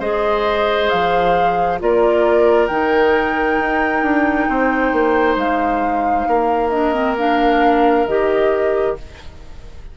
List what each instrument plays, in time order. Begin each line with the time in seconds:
0.00 bassoon G#3, clarinet G#4, oboe C5, flute D#5
0.90 bassoon F3, flute F5
1.79 bassoon A#3, clarinet F4, oboe A#4, flute D5
2.68 bassoon D#3, clarinet D#4, flute G5
3.60 bassoon D#4
4.03 bassoon D4
4.49 bassoon C4, oboe C5
4.93 bassoon A#3
5.37 bassoon G#3, flute F5
6.28 bassoon A#3, oboe A#4
6.70 clarinet D4, flute D#5
6.94 clarinet C4
7.18 clarinet D4, flute F5
8.07 bassoon D#3, clarinet G4, flute D#5